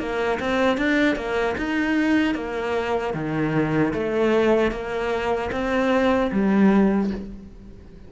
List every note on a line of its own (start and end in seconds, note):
0.00 0.39 A#3
0.40 0.78 C4
0.78 1.16 D4
1.16 1.56 A#3
1.58 2.35 D#4
2.35 3.14 A#3
3.14 3.93 D#3
3.94 4.72 A3
4.72 5.50 A#3
5.52 6.31 C4
6.32 7.11 G3